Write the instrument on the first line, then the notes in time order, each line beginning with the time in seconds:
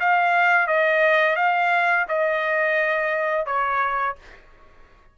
trumpet
0.00 F5
0.67 D#5
1.36 F5
2.09 D#5
3.46 C#5